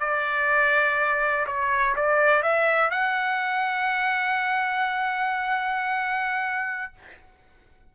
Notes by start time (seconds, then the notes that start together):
0.00 D5
1.47 C#5
1.96 D5
2.43 E5
2.91 F#5